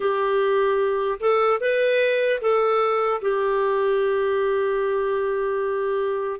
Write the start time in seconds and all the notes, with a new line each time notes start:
0.00 G4
1.20 A4
1.60 B4
2.41 A4
3.21 G4